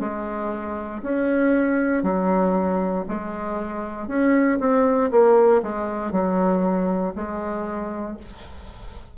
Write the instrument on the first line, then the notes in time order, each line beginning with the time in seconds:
bassoon
0.00 G#3
1.03 C#4
2.03 F#3
3.08 G#3
4.08 C#4
4.60 C4
5.11 A#3
5.63 G#3
6.12 F#3
7.16 G#3